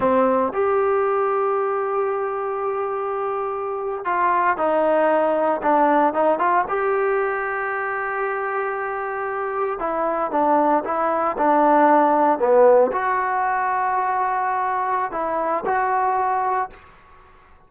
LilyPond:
\new Staff \with { instrumentName = "trombone" } { \time 4/4 \tempo 4 = 115 c'4 g'2.~ | g'2.~ g'8. f'16~ | f'8. dis'2 d'4 dis'16~ | dis'16 f'8 g'2.~ g'16~ |
g'2~ g'8. e'4 d'16~ | d'8. e'4 d'2 b16~ | b8. fis'2.~ fis'16~ | fis'4 e'4 fis'2 | }